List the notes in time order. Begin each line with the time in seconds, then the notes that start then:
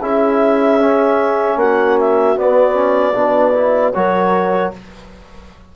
0.00 C#4 E4 G#4 E5
0.79 C#4
1.56 A#3 F#4 F#5
1.99 E5
2.36 B3 D5
2.73 C#4
3.13 B2 D4 B4
3.53 E4
3.92 F#3 F#4 A#4 C#5